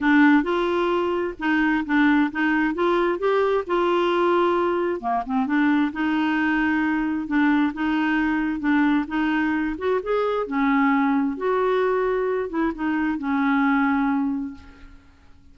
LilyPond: \new Staff \with { instrumentName = "clarinet" } { \time 4/4 \tempo 4 = 132 d'4 f'2 dis'4 | d'4 dis'4 f'4 g'4 | f'2. ais8 c'8 | d'4 dis'2. |
d'4 dis'2 d'4 | dis'4. fis'8 gis'4 cis'4~ | cis'4 fis'2~ fis'8 e'8 | dis'4 cis'2. | }